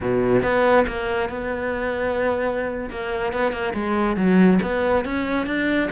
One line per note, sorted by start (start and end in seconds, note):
0.00 0.43 B2
0.43 0.86 B3
0.87 1.29 A#3
1.29 2.89 B3
2.90 3.32 A#3
3.32 3.51 B3
3.51 3.73 A#3
3.73 4.16 G#3
4.16 4.59 F#3
4.62 5.04 B3
5.04 5.46 C#4
5.46 5.89 D4